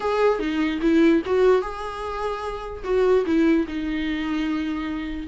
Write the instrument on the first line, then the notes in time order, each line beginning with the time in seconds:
viola
0.00 G#4
0.39 D#4
0.81 E4
1.25 F#4
1.61 G#4
2.84 F#4
3.25 E4
3.67 D#4